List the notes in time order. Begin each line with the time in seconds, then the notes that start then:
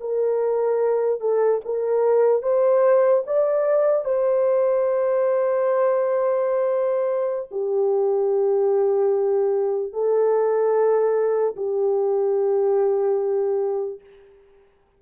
0.00 A#4
1.20 A4
1.64 A#4
2.42 C5
3.26 D5
4.04 C5
7.51 G4
9.93 A4
11.56 G4